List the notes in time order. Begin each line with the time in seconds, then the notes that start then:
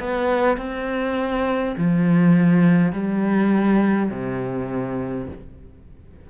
0.00 B3
0.57 C4
1.78 F3
2.93 G3
4.11 C3